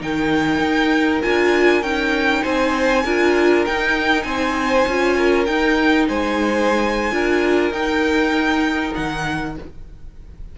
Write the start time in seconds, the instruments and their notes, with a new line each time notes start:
0.00 cello D#3, viola D#4, violin A#4 G5
0.60 cello D#4
1.22 cello D4, viola F4, violin G#5
1.82 cello C#4, viola D#4, violin G5
2.42 cello C4, violin C5 G#5
3.05 cello D4, viola F4, violin A#4
3.66 viola D#4, cello D#4, violin G5
4.23 cello C4, violin C5 G#5
4.87 cello C#4, viola F4
5.17 violin A#4
5.46 viola D#4, cello D#4, violin G5
6.08 cello G#3, violin C5 G#5
7.11 cello D4, viola F4, violin A#4
7.70 cello D#4, viola D#4, violin G5
8.95 cello D#3, violin F#5